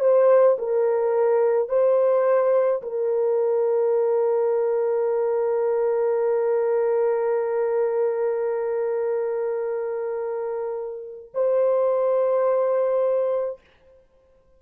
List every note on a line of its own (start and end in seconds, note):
0.00 0.57 C5
0.59 1.69 A#4
1.69 2.82 C5
2.83 11.32 A#4
11.34 13.60 C5